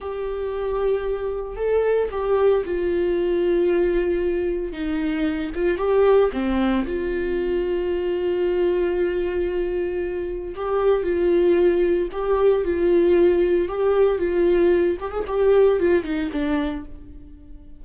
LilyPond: \new Staff \with { instrumentName = "viola" } { \time 4/4 \tempo 4 = 114 g'2. a'4 | g'4 f'2.~ | f'4 dis'4. f'8 g'4 | c'4 f'2.~ |
f'1 | g'4 f'2 g'4 | f'2 g'4 f'4~ | f'8 g'16 gis'16 g'4 f'8 dis'8 d'4 | }